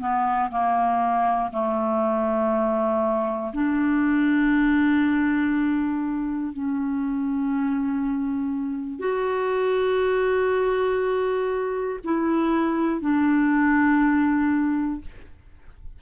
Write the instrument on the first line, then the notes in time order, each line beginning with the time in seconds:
clarinet
0.00 B3
0.51 A#3
1.52 A3
3.53 D4
6.53 C#4
8.99 F#4
12.04 E4
13.01 D4